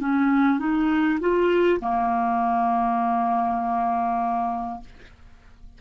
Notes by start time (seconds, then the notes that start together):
0.00 C#4
0.59 D#4
1.20 F4
1.81 A#3